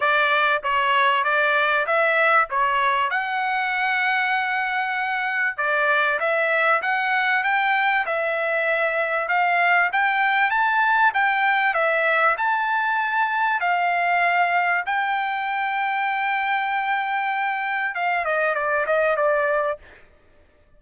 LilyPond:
\new Staff \with { instrumentName = "trumpet" } { \time 4/4 \tempo 4 = 97 d''4 cis''4 d''4 e''4 | cis''4 fis''2.~ | fis''4 d''4 e''4 fis''4 | g''4 e''2 f''4 |
g''4 a''4 g''4 e''4 | a''2 f''2 | g''1~ | g''4 f''8 dis''8 d''8 dis''8 d''4 | }